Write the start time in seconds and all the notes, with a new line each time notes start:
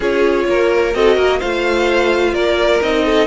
0.00 C#4 F4 G#4 C#5
0.48 A#3 A#4
0.93 C4 F#4 A4 D#5
1.15 A#3 A#4
1.40 A3 F4 C5 F5
2.33 A#3 A#4 D5
2.81 C4 D#4 D#5
3.05 A4